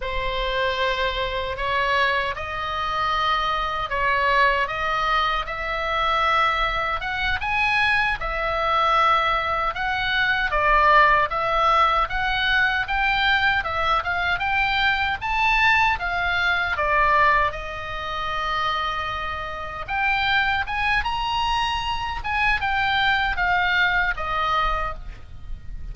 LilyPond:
\new Staff \with { instrumentName = "oboe" } { \time 4/4 \tempo 4 = 77 c''2 cis''4 dis''4~ | dis''4 cis''4 dis''4 e''4~ | e''4 fis''8 gis''4 e''4.~ | e''8 fis''4 d''4 e''4 fis''8~ |
fis''8 g''4 e''8 f''8 g''4 a''8~ | a''8 f''4 d''4 dis''4.~ | dis''4. g''4 gis''8 ais''4~ | ais''8 gis''8 g''4 f''4 dis''4 | }